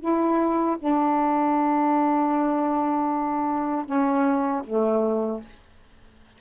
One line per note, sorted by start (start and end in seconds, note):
0.00 0.77 E4
0.79 3.86 D4
3.86 4.63 C#4
4.64 5.41 A3